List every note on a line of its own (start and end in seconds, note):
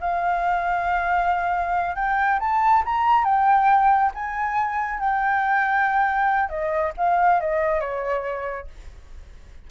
0.00 1.95 F5
1.95 2.39 G5
2.39 2.83 A5
2.85 3.24 A#5
3.24 4.11 G5
4.14 4.99 G#5
4.99 6.49 G5
6.49 6.92 D#5
6.97 7.40 F5
7.40 7.80 D#5
7.80 8.67 C#5